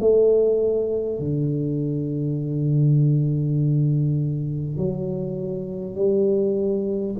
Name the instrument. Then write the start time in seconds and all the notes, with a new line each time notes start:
tuba
0.00 A3
1.19 D3
4.77 F#3
5.95 G3